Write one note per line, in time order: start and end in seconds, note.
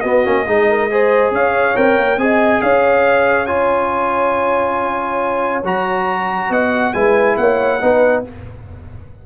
0.00 0.25 B3
0.00 0.24 B3
0.00 0.46 F#4
0.00 1.29 D#5
0.24 0.46 A#3
0.24 0.46 C#4
0.46 1.31 G#3
0.46 0.90 D#4
0.46 0.69 G#4
0.69 0.90 A#4
0.90 1.75 G#4
0.90 1.33 C5
1.31 1.74 C#4
1.31 2.20 C#5
1.31 1.76 F5
1.75 1.97 C4
1.75 2.18 A#4
1.75 2.19 G5
1.97 2.17 A#3
2.17 2.60 C4
2.17 3.47 G#4
2.17 2.63 D#5
2.17 2.61 G#5
2.61 5.63 C#4
2.61 6.50 C#5
2.61 3.46 F5
3.46 5.63 F4
3.46 5.62 G#5
5.63 6.49 F#3
5.63 6.94 F#4
5.63 6.52 A#5
6.49 6.92 B3
6.49 6.93 D#5
6.49 6.93 F#5
6.93 7.37 G#3
6.93 7.80 E4
6.93 7.38 B4
6.93 7.36 G#5
7.37 7.80 A#3
7.37 7.82 C#5
7.37 8.23 F#5
7.81 8.25 B3
7.81 8.24 D#4
7.81 8.26 B4